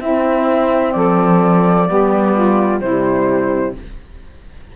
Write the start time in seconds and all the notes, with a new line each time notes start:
0.00 C4 E4 E5
0.92 F3 A4 D5
1.88 G3 B3 G4
2.34 F4
2.80 C3 G3 E4 C5